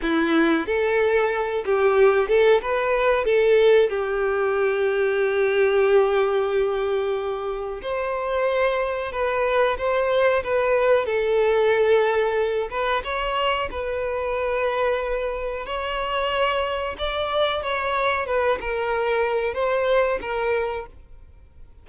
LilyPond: \new Staff \with { instrumentName = "violin" } { \time 4/4 \tempo 4 = 92 e'4 a'4. g'4 a'8 | b'4 a'4 g'2~ | g'1 | c''2 b'4 c''4 |
b'4 a'2~ a'8 b'8 | cis''4 b'2. | cis''2 d''4 cis''4 | b'8 ais'4. c''4 ais'4 | }